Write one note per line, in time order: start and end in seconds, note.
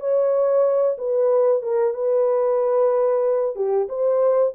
0.00 0.97 C#5
0.98 1.62 B4
1.62 1.94 A#4
1.94 3.55 B4
3.56 3.88 G4
3.89 4.53 C5